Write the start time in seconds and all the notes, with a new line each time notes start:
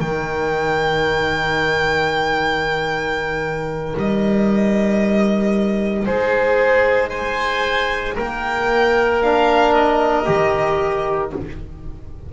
0.00 D#3 D#4 A#4 G5
3.96 G3 D#5
6.05 G#3 G#4 C5
7.09 C5 G#5
8.15 A#3 A#4 G5
9.22 D4 F5
9.74 D#5
10.25 D#3 G4